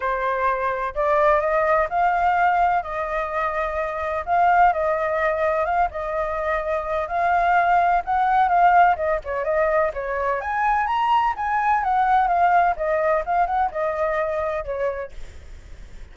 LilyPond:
\new Staff \with { instrumentName = "flute" } { \time 4/4 \tempo 4 = 127 c''2 d''4 dis''4 | f''2 dis''2~ | dis''4 f''4 dis''2 | f''8 dis''2~ dis''8 f''4~ |
f''4 fis''4 f''4 dis''8 cis''8 | dis''4 cis''4 gis''4 ais''4 | gis''4 fis''4 f''4 dis''4 | f''8 fis''8 dis''2 cis''4 | }